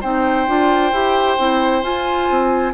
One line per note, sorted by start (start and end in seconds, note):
0.00 0.47 C4
0.00 0.47 D#4
0.00 2.73 C5
0.00 1.82 G5
0.47 0.91 D4
0.47 0.92 F4
0.91 1.37 E4
0.91 1.37 G4
1.37 1.83 C4
1.37 1.83 E4
1.82 2.28 F4
1.82 2.73 F4
1.82 2.73 G#5
2.30 2.73 C4